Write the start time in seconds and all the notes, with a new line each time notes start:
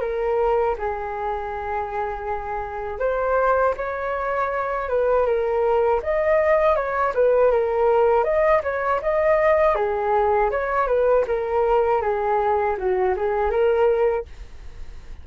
0.00 A#4
0.77 G#4
2.99 C5
3.76 C#5
4.89 B4
5.26 A#4
6.02 D#5
6.75 C#5
7.14 B4
7.51 A#4
8.24 D#5
8.63 C#5
9.02 D#5
9.75 G#4
10.51 C#5
10.87 B4
11.27 A#4
12.01 G#4
12.77 F#4
13.16 G#4
13.50 A#4